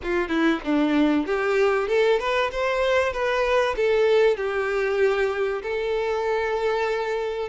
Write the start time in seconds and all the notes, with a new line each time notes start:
0.03 F4
0.28 E4
0.64 D4
1.26 G4
1.88 A4
2.19 B4
2.51 C5
3.12 B4
3.76 A4
4.36 G4
5.62 A4